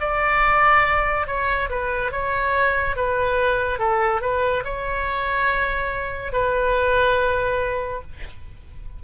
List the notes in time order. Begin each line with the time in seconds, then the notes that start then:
0.00 D5
1.27 C#5
1.70 B4
2.12 C#5
2.96 B4
3.79 A4
4.21 B4
4.65 C#5
6.33 B4